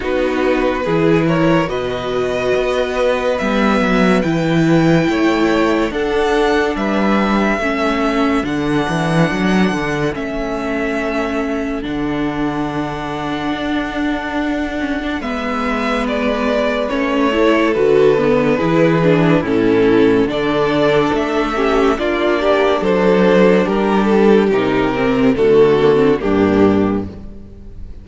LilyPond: <<
  \new Staff \with { instrumentName = "violin" } { \time 4/4 \tempo 4 = 71 b'4. cis''8 dis''2 | e''4 g''2 fis''4 | e''2 fis''2 | e''2 fis''2~ |
fis''2 e''4 d''4 | cis''4 b'2 a'4 | d''4 e''4 d''4 c''4 | ais'8 a'8 ais'4 a'4 g'4 | }
  \new Staff \with { instrumentName = "violin" } { \time 4/4 fis'4 gis'8 ais'8 b'2~ | b'2 cis''4 a'4 | b'4 a'2.~ | a'1~ |
a'2 b'2~ | b'8 a'4. gis'4 e'4 | a'4. g'8 f'8 g'8 a'4 | g'2 fis'4 d'4 | }
  \new Staff \with { instrumentName = "viola" } { \time 4/4 dis'4 e'4 fis'2 | b4 e'2 d'4~ | d'4 cis'4 d'2 | cis'2 d'2~ |
d'4. cis'16 d'16 b2 | cis'8 e'8 fis'8 b8 e'8 d'8 cis'4 | d'4. cis'8 d'2~ | d'4 dis'8 c'8 a8 ais16 c'16 ais4 | }
  \new Staff \with { instrumentName = "cello" } { \time 4/4 b4 e4 b,4 b4 | g8 fis8 e4 a4 d'4 | g4 a4 d8 e8 fis8 d8 | a2 d2 |
d'2 gis2 | a4 d4 e4 a,4 | d4 a4 ais4 fis4 | g4 c4 d4 g,4 | }
>>